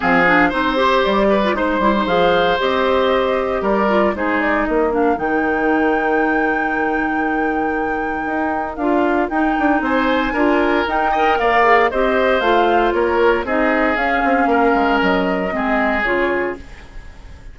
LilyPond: <<
  \new Staff \with { instrumentName = "flute" } { \time 4/4 \tempo 4 = 116 f''4 c''4 d''4 c''4 | f''4 dis''2 d''4 | c''8 d''8 dis''8 f''8 g''2~ | g''1~ |
g''4 f''4 g''4 gis''4~ | gis''4 g''4 f''4 dis''4 | f''4 cis''4 dis''4 f''4~ | f''4 dis''2 cis''4 | }
  \new Staff \with { instrumentName = "oboe" } { \time 4/4 gis'4 c''4. b'8 c''4~ | c''2. ais'4 | gis'4 ais'2.~ | ais'1~ |
ais'2. c''4 | ais'4. dis''8 d''4 c''4~ | c''4 ais'4 gis'2 | ais'2 gis'2 | }
  \new Staff \with { instrumentName = "clarinet" } { \time 4/4 c'8 d'8 dis'8 g'4~ g'16 f'16 dis'8 e'16 dis'16 | gis'4 g'2~ g'8 f'8 | dis'4. d'8 dis'2~ | dis'1~ |
dis'4 f'4 dis'2 | f'4 dis'8 ais'4 gis'8 g'4 | f'2 dis'4 cis'4~ | cis'2 c'4 f'4 | }
  \new Staff \with { instrumentName = "bassoon" } { \time 4/4 f4 c'4 g4 gis8 g8 | f4 c'2 g4 | gis4 ais4 dis2~ | dis1 |
dis'4 d'4 dis'8 d'8 c'4 | d'4 dis'4 ais4 c'4 | a4 ais4 c'4 cis'8 c'8 | ais8 gis8 fis4 gis4 cis4 | }
>>